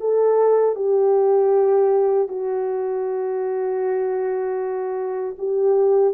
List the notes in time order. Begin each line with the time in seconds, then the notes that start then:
0.00 A4
0.75 G4
2.28 F#4
5.38 G4